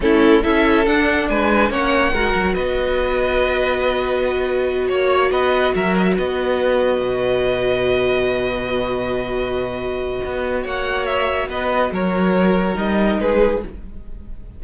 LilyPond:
<<
  \new Staff \with { instrumentName = "violin" } { \time 4/4 \tempo 4 = 141 a'4 e''4 fis''4 gis''4 | fis''2 dis''2~ | dis''2.~ dis''8 cis''8~ | cis''8 dis''4 e''8 dis''16 e''16 dis''4.~ |
dis''1~ | dis''1~ | dis''4 fis''4 e''4 dis''4 | cis''2 dis''4 b'4 | }
  \new Staff \with { instrumentName = "violin" } { \time 4/4 e'4 a'2 b'4 | cis''4 ais'4 b'2~ | b'2.~ b'8 cis''8~ | cis''8 b'4 ais'4 b'4.~ |
b'1~ | b'1~ | b'4 cis''2 b'4 | ais'2. gis'4 | }
  \new Staff \with { instrumentName = "viola" } { \time 4/4 cis'4 e'4 d'2 | cis'4 fis'2.~ | fis'1~ | fis'1~ |
fis'1~ | fis'1~ | fis'1~ | fis'2 dis'2 | }
  \new Staff \with { instrumentName = "cello" } { \time 4/4 a4 cis'4 d'4 gis4 | ais4 gis8 fis8 b2~ | b2.~ b8 ais8~ | ais8 b4 fis4 b4.~ |
b8 b,2.~ b,8~ | b,1 | b4 ais2 b4 | fis2 g4 gis4 | }
>>